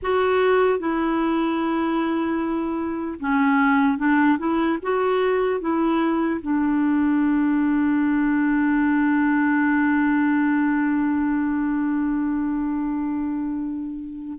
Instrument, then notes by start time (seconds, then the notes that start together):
clarinet
0.02 F#4
0.79 E4
3.20 C#4
3.98 D4
4.38 E4
4.82 F#4
5.60 E4
6.41 D4